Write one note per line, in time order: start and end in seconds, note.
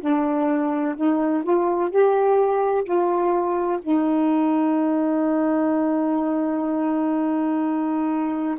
0.00 0.95 D4
0.96 1.43 D#4
1.43 1.90 F4
1.90 2.84 G4
2.84 3.80 F4
3.82 8.58 D#4